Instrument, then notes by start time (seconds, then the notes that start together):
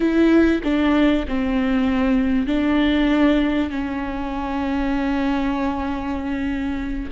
viola
0.00 E4
0.63 D4
1.28 C4
2.46 D4
3.70 C#4